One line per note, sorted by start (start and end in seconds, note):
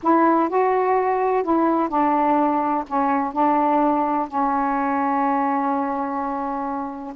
0.02 0.49 E4
0.49 1.43 F#4
1.43 1.89 E4
1.89 2.84 D4
2.87 3.32 C#4
3.32 4.27 D4
4.27 7.13 C#4